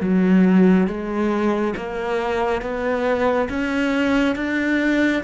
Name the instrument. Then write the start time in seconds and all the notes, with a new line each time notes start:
cello
0.00 F#3
0.87 G#3
1.76 A#3
2.61 B3
3.49 C#4
4.35 D4